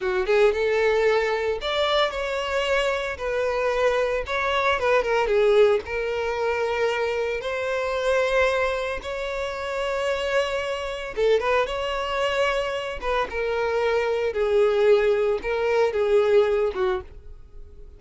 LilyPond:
\new Staff \with { instrumentName = "violin" } { \time 4/4 \tempo 4 = 113 fis'8 gis'8 a'2 d''4 | cis''2 b'2 | cis''4 b'8 ais'8 gis'4 ais'4~ | ais'2 c''2~ |
c''4 cis''2.~ | cis''4 a'8 b'8 cis''2~ | cis''8 b'8 ais'2 gis'4~ | gis'4 ais'4 gis'4. fis'8 | }